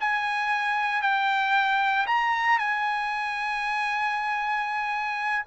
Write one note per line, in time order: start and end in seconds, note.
0.00 1.02 G#5
1.02 2.06 G5
2.06 2.58 A#5
2.58 5.45 G#5